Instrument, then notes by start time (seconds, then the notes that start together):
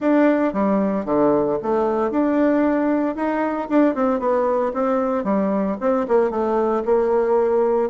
bassoon
0.00 D4
0.53 G3
1.05 D3
1.62 A3
2.10 D4
3.15 D#4
3.69 D4
3.94 C4
4.19 B3
4.73 C4
5.24 G3
5.80 C4
6.08 A#3
6.30 A3
6.85 A#3